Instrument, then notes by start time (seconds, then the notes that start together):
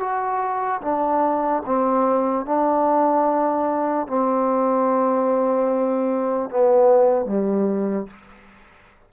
trombone
0.00 F#4
0.82 D4
1.66 C4
2.46 D4
4.07 C4
6.50 B3
7.26 G3